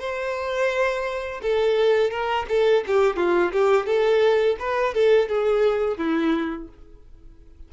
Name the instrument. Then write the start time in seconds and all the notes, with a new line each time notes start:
violin
0.00 C5
1.42 A4
2.10 A#4
2.49 A4
2.87 G4
3.16 F4
3.52 G4
3.86 A4
4.59 B4
4.94 A4
5.29 G#4
5.97 E4